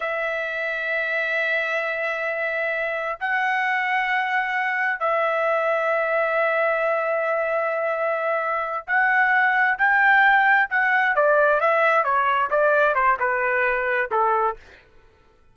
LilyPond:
\new Staff \with { instrumentName = "trumpet" } { \time 4/4 \tempo 4 = 132 e''1~ | e''2. fis''4~ | fis''2. e''4~ | e''1~ |
e''2.~ e''8 fis''8~ | fis''4. g''2 fis''8~ | fis''8 d''4 e''4 cis''4 d''8~ | d''8 c''8 b'2 a'4 | }